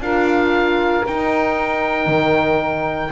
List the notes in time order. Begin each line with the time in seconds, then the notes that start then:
0.00 D4 F4 A#4 F5
1.06 D#4 G5
2.07 D#3